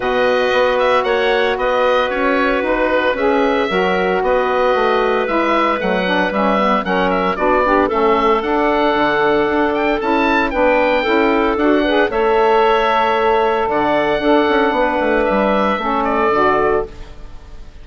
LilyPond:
<<
  \new Staff \with { instrumentName = "oboe" } { \time 4/4 \tempo 4 = 114 dis''4. e''8 fis''4 dis''4 | cis''4 b'4 e''2 | dis''2 e''4 fis''4 | e''4 fis''8 e''8 d''4 e''4 |
fis''2~ fis''8 g''8 a''4 | g''2 fis''4 e''4~ | e''2 fis''2~ | fis''4 e''4. d''4. | }
  \new Staff \with { instrumentName = "clarinet" } { \time 4/4 b'2 cis''4 b'4~ | b'2. ais'4 | b'1~ | b'4 ais'4 fis'8 d'8 a'4~ |
a'1 | b'4 a'4. b'8 cis''4~ | cis''2 d''4 a'4 | b'2 a'2 | }
  \new Staff \with { instrumentName = "saxophone" } { \time 4/4 fis'1~ | fis'2 gis'4 fis'4~ | fis'2 e'4 a8 d'8 | cis'8 b8 cis'4 d'8 g'8 cis'4 |
d'2. e'4 | d'4 e'4 fis'8 gis'8 a'4~ | a'2. d'4~ | d'2 cis'4 fis'4 | }
  \new Staff \with { instrumentName = "bassoon" } { \time 4/4 b,4 b4 ais4 b4 | cis'4 dis'4 cis'4 fis4 | b4 a4 gis4 fis4 | g4 fis4 b4 a4 |
d'4 d4 d'4 cis'4 | b4 cis'4 d'4 a4~ | a2 d4 d'8 cis'8 | b8 a8 g4 a4 d4 | }
>>